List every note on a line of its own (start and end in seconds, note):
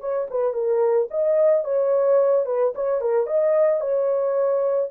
0.00 0.27 C#5
0.30 0.53 B4
0.53 1.08 A#4
1.10 1.64 D#5
1.64 2.46 C#5
2.46 2.73 B4
2.75 3.01 C#5
3.01 3.27 A#4
3.27 3.81 D#5
3.81 4.90 C#5